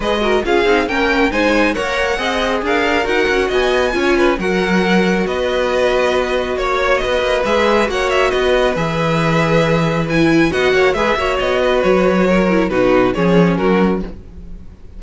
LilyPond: <<
  \new Staff \with { instrumentName = "violin" } { \time 4/4 \tempo 4 = 137 dis''4 f''4 g''4 gis''4 | fis''2 f''4 fis''4 | gis''2 fis''2 | dis''2. cis''4 |
dis''4 e''4 fis''8 e''8 dis''4 | e''2. gis''4 | fis''4 e''4 dis''4 cis''4~ | cis''4 b'4 cis''4 ais'4 | }
  \new Staff \with { instrumentName = "violin" } { \time 4/4 b'8 ais'8 gis'4 ais'4 c''4 | cis''4 dis''4 ais'2 | dis''4 cis''8 b'8 ais'2 | b'2. cis''4 |
b'2 cis''4 b'4~ | b'1 | dis''8 cis''8 b'8 cis''4 b'4. | ais'4 fis'4 gis'4 fis'4 | }
  \new Staff \with { instrumentName = "viola" } { \time 4/4 gis'8 fis'8 f'8 dis'8 cis'4 dis'4 | ais'4 gis'2 fis'4~ | fis'4 f'4 fis'2~ | fis'1~ |
fis'4 gis'4 fis'2 | gis'2. e'4 | fis'4 gis'8 fis'2~ fis'8~ | fis'8 e'8 dis'4 cis'2 | }
  \new Staff \with { instrumentName = "cello" } { \time 4/4 gis4 cis'8 c'8 ais4 gis4 | ais4 c'4 d'4 dis'8 cis'8 | b4 cis'4 fis2 | b2. ais4 |
b8 ais8 gis4 ais4 b4 | e1 | b8 ais8 gis8 ais8 b4 fis4~ | fis4 b,4 f4 fis4 | }
>>